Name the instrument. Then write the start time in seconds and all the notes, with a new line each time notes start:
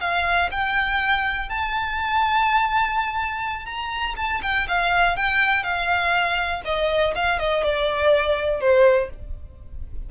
violin
0.00 F5
0.51 G5
1.49 A5
3.65 A#5
4.16 A5
4.42 G5
4.68 F5
5.16 G5
5.63 F5
6.65 D#5
7.15 F5
7.39 D#5
7.63 D5
8.60 C5